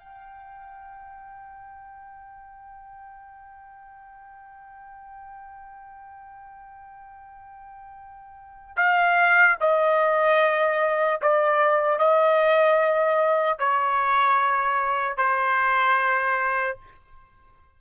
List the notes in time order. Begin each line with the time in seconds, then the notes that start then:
0.00 G5
8.77 F5
9.61 D#5
11.22 D5
11.99 D#5
13.59 C#5
15.17 C5